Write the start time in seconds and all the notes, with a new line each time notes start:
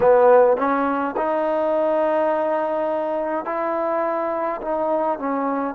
0.00 B3
0.57 C#4
1.16 D#4
3.45 E4
4.62 D#4
5.19 C#4